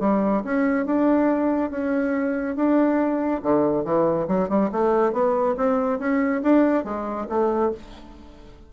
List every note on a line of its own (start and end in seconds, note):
0.00 0.43 G3
0.44 0.86 C#4
0.86 1.71 D4
1.71 2.56 C#4
2.56 3.42 D4
3.43 3.85 D3
3.85 4.28 E3
4.28 4.49 F#3
4.49 4.70 G3
4.72 5.13 A3
5.13 5.56 B3
5.57 5.99 C4
5.99 6.42 C#4
6.43 6.84 D4
6.84 7.27 G#3
7.29 7.72 A3